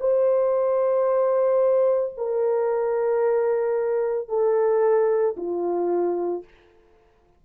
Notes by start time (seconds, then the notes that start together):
0.00 C5
2.17 A#4
4.29 A4
5.37 F4